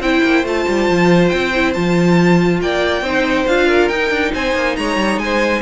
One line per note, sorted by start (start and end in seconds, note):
0.00 0.22 C4
0.00 0.45 E4
0.00 2.61 C5
0.00 0.45 G5
0.24 0.44 A#3
0.44 0.65 A3
0.44 1.53 F4
0.44 1.29 A5
0.68 0.89 G3
0.89 1.32 F3
1.29 1.76 C4
1.29 1.72 G5
1.55 1.75 E4
1.74 2.61 F3
1.74 3.04 F4
1.74 2.60 A5
2.61 3.02 A#3
2.61 3.04 D5
2.61 3.47 G5
3.02 3.45 C4
3.02 3.48 D#4
3.02 3.67 C5
3.47 3.90 D4
3.47 3.92 F4
3.47 3.89 F5
3.67 4.32 A#4
3.89 4.11 D#4
3.89 5.62 D#4
3.89 4.32 G5
4.11 4.32 D4
4.34 4.55 C4
4.34 4.78 C5
4.34 4.76 G#5
4.55 4.77 A#3
4.76 4.96 G#3
4.76 5.22 C#5
4.76 5.19 A#5
4.96 5.18 G3
5.18 5.61 G#3
5.18 5.62 G#5
5.24 5.62 C5